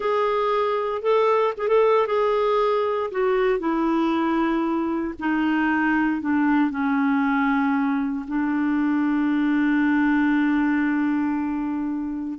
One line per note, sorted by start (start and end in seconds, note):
0.00 1.02 G#4
1.02 1.53 A4
1.57 1.68 G#4
1.68 2.06 A4
2.06 3.10 G#4
3.11 3.59 F#4
3.59 5.14 E4
5.19 6.21 D#4
6.21 6.70 D4
6.70 8.25 C#4
8.27 12.38 D4